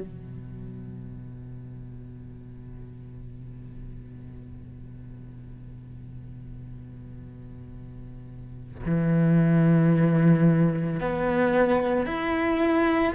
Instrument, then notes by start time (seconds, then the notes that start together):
cello
0.00 B2
8.86 E3
11.00 B3
12.06 E4